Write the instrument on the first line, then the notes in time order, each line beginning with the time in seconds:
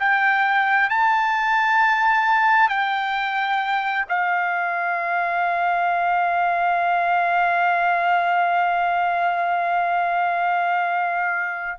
trumpet
0.00 G5
0.90 A5
2.69 G5
4.09 F5